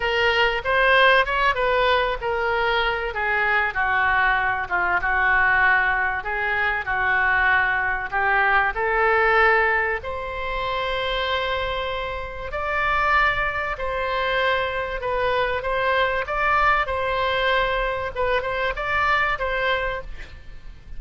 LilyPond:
\new Staff \with { instrumentName = "oboe" } { \time 4/4 \tempo 4 = 96 ais'4 c''4 cis''8 b'4 ais'8~ | ais'4 gis'4 fis'4. f'8 | fis'2 gis'4 fis'4~ | fis'4 g'4 a'2 |
c''1 | d''2 c''2 | b'4 c''4 d''4 c''4~ | c''4 b'8 c''8 d''4 c''4 | }